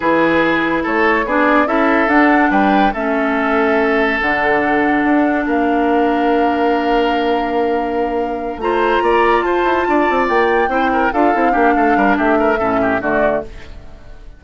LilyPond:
<<
  \new Staff \with { instrumentName = "flute" } { \time 4/4 \tempo 4 = 143 b'2 cis''4 d''4 | e''4 fis''4 g''4 e''4~ | e''2 fis''2~ | fis''4 f''2.~ |
f''1~ | f''8 ais''2 a''4.~ | a''8 g''2 f''4.~ | f''4 e''2 d''4 | }
  \new Staff \with { instrumentName = "oboe" } { \time 4/4 gis'2 a'4 gis'4 | a'2 b'4 a'4~ | a'1~ | a'4 ais'2.~ |
ais'1~ | ais'8 c''4 d''4 c''4 d''8~ | d''4. c''8 ais'8 a'4 g'8 | a'8 ais'8 g'8 ais'8 a'8 g'8 fis'4 | }
  \new Staff \with { instrumentName = "clarinet" } { \time 4/4 e'2. d'4 | e'4 d'2 cis'4~ | cis'2 d'2~ | d'1~ |
d'1~ | d'8 f'2.~ f'8~ | f'4. e'4 f'8 e'8 d'8~ | d'2 cis'4 a4 | }
  \new Staff \with { instrumentName = "bassoon" } { \time 4/4 e2 a4 b4 | cis'4 d'4 g4 a4~ | a2 d2 | d'4 ais2.~ |
ais1~ | ais8 a4 ais4 f'8 e'8 d'8 | c'8 ais4 c'4 d'8 c'8 ais8 | a8 g8 a4 a,4 d4 | }
>>